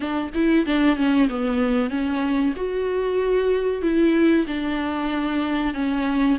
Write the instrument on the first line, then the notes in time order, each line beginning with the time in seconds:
viola
0.00 D4
0.34 E4
0.66 D4
0.96 C#4
1.29 B3
1.90 C#4
2.56 F#4
3.82 E4
4.47 D4
5.74 C#4